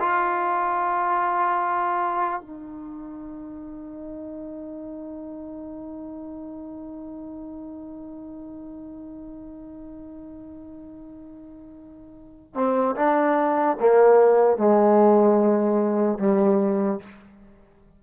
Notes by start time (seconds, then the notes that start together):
0.00 F4
2.41 D#4
12.55 C4
12.96 D4
13.80 A#3
14.58 G#3
16.19 G3